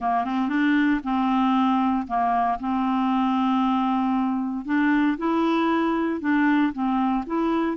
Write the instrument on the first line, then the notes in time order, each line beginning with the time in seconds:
clarinet
0.00 A#3
0.24 C4
0.48 D4
1.03 C4
2.07 A#3
2.59 C4
4.65 D4
5.17 E4
6.20 D4
6.72 C4
7.26 E4